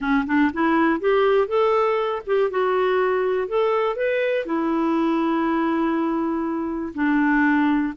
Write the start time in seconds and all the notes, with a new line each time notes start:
0.00 C#4
0.26 D4
0.53 E4
1.00 G4
1.47 A4
2.26 G4
2.50 F#4
3.48 A4
3.95 B4
4.45 E4
6.94 D4